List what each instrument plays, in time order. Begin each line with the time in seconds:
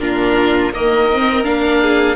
0.00 bassoon A#2, viola D4, violin F4, oboe A#4
0.73 bassoon D#3, viola A#3, violin A#4, oboe D#5
1.13 viola C4
1.44 bassoon A#3, viola D4, oboe F5
1.82 violin G#4